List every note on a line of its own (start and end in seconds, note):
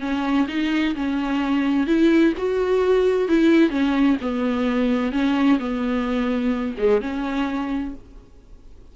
0.00 0.47 C#4
0.48 0.94 D#4
0.95 1.86 C#4
1.86 2.33 E4
2.37 3.28 F#4
3.28 3.70 E4
3.70 4.16 C#4
4.21 5.11 B3
5.11 5.58 C#4
5.59 6.75 B3
6.78 7.01 G#3
7.01 7.94 C#4